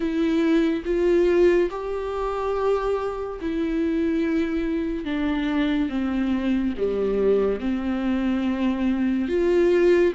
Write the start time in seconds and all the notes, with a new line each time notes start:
0.00 E4
0.85 F4
1.70 G4
3.41 E4
5.05 D4
5.89 C4
6.77 G3
7.60 C4
9.28 F4